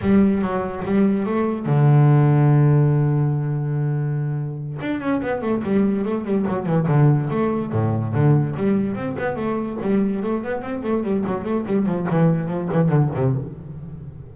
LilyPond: \new Staff \with { instrumentName = "double bass" } { \time 4/4 \tempo 4 = 144 g4 fis4 g4 a4 | d1~ | d2.~ d8 d'8 | cis'8 b8 a8 g4 a8 g8 fis8 |
e8 d4 a4 a,4 d8~ | d8 g4 c'8 b8 a4 g8~ | g8 a8 b8 c'8 a8 g8 fis8 a8 | g8 f8 e4 f8 e8 d8 c8 | }